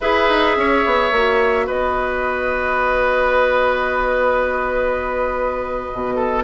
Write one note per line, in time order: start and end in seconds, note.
0.00 0.28 E4
0.00 1.11 G#4
0.00 0.57 B4
0.00 1.67 E5
0.28 0.56 D#4
0.56 0.84 C#4
0.56 1.66 C#5
0.85 1.11 B3
1.11 1.67 A#3
1.11 6.43 F#4
1.66 5.90 B3
1.66 6.15 B4
1.66 6.43 D#5
5.93 6.43 B2
6.16 6.43 A4